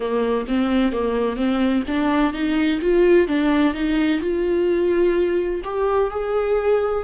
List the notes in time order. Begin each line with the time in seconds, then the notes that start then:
0.00 A#3
0.47 C4
0.92 A#3
1.36 C4
1.87 D4
2.33 D#4
2.81 F4
3.27 D4
3.74 D#4
4.21 F4
5.63 G4
6.10 G#4